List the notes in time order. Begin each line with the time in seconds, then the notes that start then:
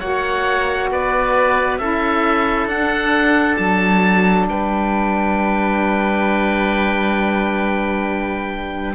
0.00 A#3 F#4 C#5 F#5
0.91 B3 B4 D5
1.78 C#4 E4 A4 E5
2.66 D4 F#5
3.57 F#3 A5
4.48 G3 B4 G5